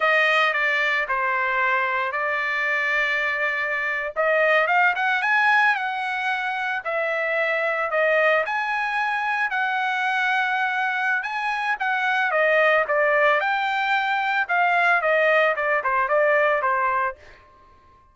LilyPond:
\new Staff \with { instrumentName = "trumpet" } { \time 4/4 \tempo 4 = 112 dis''4 d''4 c''2 | d''2.~ d''8. dis''16~ | dis''8. f''8 fis''8 gis''4 fis''4~ fis''16~ | fis''8. e''2 dis''4 gis''16~ |
gis''4.~ gis''16 fis''2~ fis''16~ | fis''4 gis''4 fis''4 dis''4 | d''4 g''2 f''4 | dis''4 d''8 c''8 d''4 c''4 | }